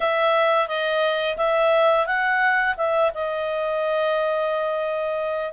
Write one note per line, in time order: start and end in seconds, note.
0.00 0.67 E5
0.67 1.36 D#5
1.37 2.06 E5
2.06 2.75 F#5
2.77 3.11 E5
3.14 5.52 D#5